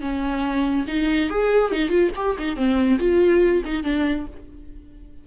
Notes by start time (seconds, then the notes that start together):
0.00 C#4
0.87 D#4
1.29 G#4
1.71 D#4
1.89 F4
2.15 G4
2.38 D#4
2.56 C4
2.99 F4
3.65 D#4
3.83 D4